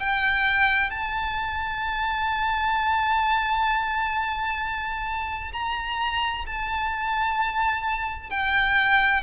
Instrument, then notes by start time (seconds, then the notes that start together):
violin
0.00 G5
0.91 A5
5.53 A#5
6.47 A5
8.31 G5